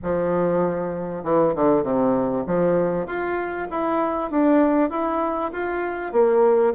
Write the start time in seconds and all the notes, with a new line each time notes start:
0.03 F3
1.23 E3
1.55 D3
1.83 C3
2.46 F3
3.06 F4
3.70 E4
4.30 D4
4.90 E4
5.52 F4
6.12 A#3